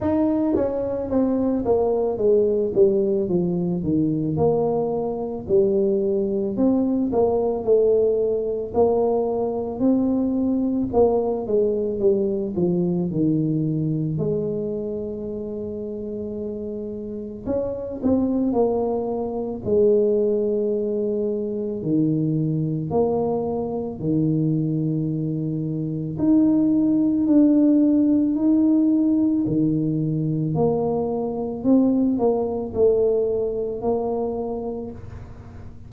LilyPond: \new Staff \with { instrumentName = "tuba" } { \time 4/4 \tempo 4 = 55 dis'8 cis'8 c'8 ais8 gis8 g8 f8 dis8 | ais4 g4 c'8 ais8 a4 | ais4 c'4 ais8 gis8 g8 f8 | dis4 gis2. |
cis'8 c'8 ais4 gis2 | dis4 ais4 dis2 | dis'4 d'4 dis'4 dis4 | ais4 c'8 ais8 a4 ais4 | }